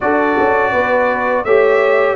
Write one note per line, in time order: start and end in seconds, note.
0.00 0.37 D4
0.00 1.45 F#4
0.00 0.72 A4
0.00 1.44 D5
0.39 0.72 C#4
0.72 1.44 B3
0.72 1.44 B4
1.44 2.16 A3
1.44 2.16 G4
1.44 2.16 C#5
1.44 2.16 E5